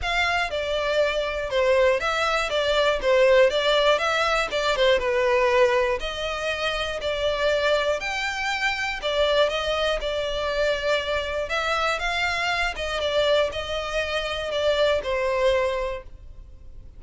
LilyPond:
\new Staff \with { instrumentName = "violin" } { \time 4/4 \tempo 4 = 120 f''4 d''2 c''4 | e''4 d''4 c''4 d''4 | e''4 d''8 c''8 b'2 | dis''2 d''2 |
g''2 d''4 dis''4 | d''2. e''4 | f''4. dis''8 d''4 dis''4~ | dis''4 d''4 c''2 | }